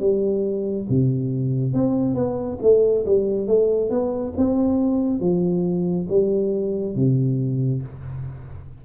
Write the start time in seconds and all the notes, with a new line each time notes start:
0.00 G3
0.90 C3
1.74 C4
2.15 B3
2.62 A3
3.06 G3
3.47 A3
3.90 B3
4.37 C4
5.21 F3
6.09 G3
6.96 C3